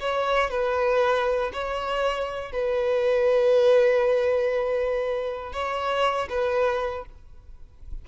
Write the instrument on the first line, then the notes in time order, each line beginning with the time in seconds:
violin
0.00 C#5
0.50 B4
1.53 C#5
2.52 B4
5.53 C#5
6.29 B4